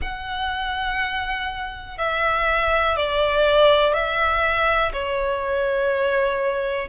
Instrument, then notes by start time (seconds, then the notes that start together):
violin
0.01 F#5
1.98 E5
2.96 D5
3.93 E5
4.92 C#5